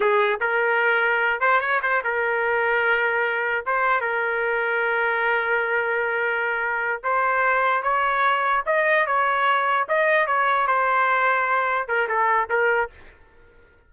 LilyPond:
\new Staff \with { instrumentName = "trumpet" } { \time 4/4 \tempo 4 = 149 gis'4 ais'2~ ais'8 c''8 | cis''8 c''8 ais'2.~ | ais'4 c''4 ais'2~ | ais'1~ |
ais'4. c''2 cis''8~ | cis''4. dis''4 cis''4.~ | cis''8 dis''4 cis''4 c''4.~ | c''4. ais'8 a'4 ais'4 | }